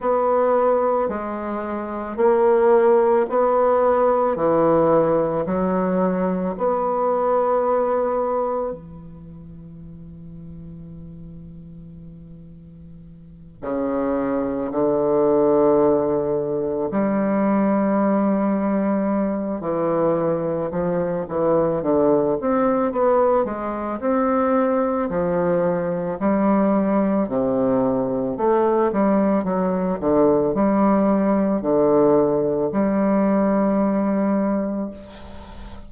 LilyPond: \new Staff \with { instrumentName = "bassoon" } { \time 4/4 \tempo 4 = 55 b4 gis4 ais4 b4 | e4 fis4 b2 | e1~ | e8 cis4 d2 g8~ |
g2 e4 f8 e8 | d8 c'8 b8 gis8 c'4 f4 | g4 c4 a8 g8 fis8 d8 | g4 d4 g2 | }